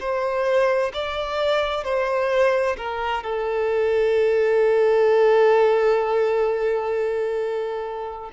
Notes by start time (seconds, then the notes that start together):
0.00 C5
0.94 D5
1.85 C5
2.77 A#4
3.23 A4